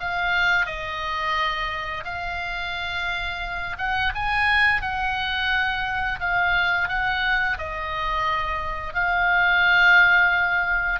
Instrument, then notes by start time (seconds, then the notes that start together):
oboe
0.00 F5
0.66 D#5
2.04 F5
3.78 F#5
4.15 G#5
4.82 F#5
6.20 F5
6.88 F#5
7.58 D#5
8.94 F5